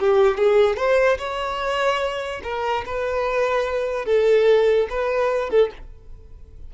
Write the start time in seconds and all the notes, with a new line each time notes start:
0.00 G4
0.38 G#4
0.77 C5
1.19 C#5
2.44 A#4
2.86 B4
4.06 A4
4.90 B4
5.50 A4